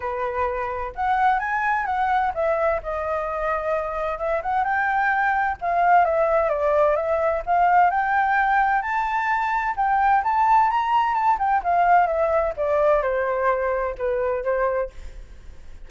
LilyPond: \new Staff \with { instrumentName = "flute" } { \time 4/4 \tempo 4 = 129 b'2 fis''4 gis''4 | fis''4 e''4 dis''2~ | dis''4 e''8 fis''8 g''2 | f''4 e''4 d''4 e''4 |
f''4 g''2 a''4~ | a''4 g''4 a''4 ais''4 | a''8 g''8 f''4 e''4 d''4 | c''2 b'4 c''4 | }